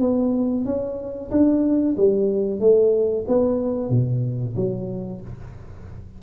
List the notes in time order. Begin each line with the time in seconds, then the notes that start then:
0.00 B3
0.65 C#4
1.31 D4
1.97 G3
2.60 A3
3.28 B3
3.90 B2
4.56 F#3